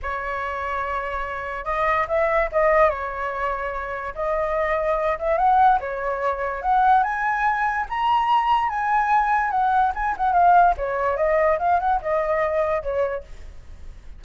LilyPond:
\new Staff \with { instrumentName = "flute" } { \time 4/4 \tempo 4 = 145 cis''1 | dis''4 e''4 dis''4 cis''4~ | cis''2 dis''2~ | dis''8 e''8 fis''4 cis''2 |
fis''4 gis''2 ais''4~ | ais''4 gis''2 fis''4 | gis''8 fis''8 f''4 cis''4 dis''4 | f''8 fis''8 dis''2 cis''4 | }